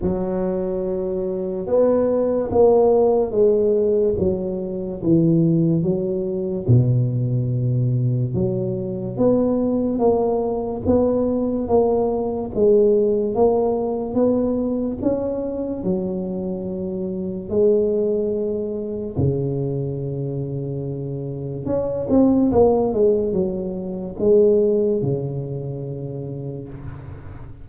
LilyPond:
\new Staff \with { instrumentName = "tuba" } { \time 4/4 \tempo 4 = 72 fis2 b4 ais4 | gis4 fis4 e4 fis4 | b,2 fis4 b4 | ais4 b4 ais4 gis4 |
ais4 b4 cis'4 fis4~ | fis4 gis2 cis4~ | cis2 cis'8 c'8 ais8 gis8 | fis4 gis4 cis2 | }